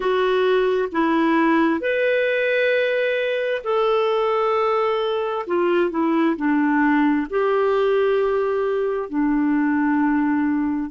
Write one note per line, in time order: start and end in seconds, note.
0.00 0.88 F#4
0.91 1.80 E4
1.80 3.62 B4
3.64 5.45 A4
5.46 5.90 F4
5.90 6.36 E4
6.36 7.27 D4
7.30 9.09 G4
9.09 10.90 D4